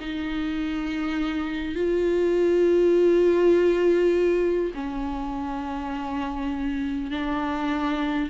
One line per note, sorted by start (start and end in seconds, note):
0.00 1.75 D#4
1.75 4.72 F4
4.74 7.11 C#4
7.11 8.30 D4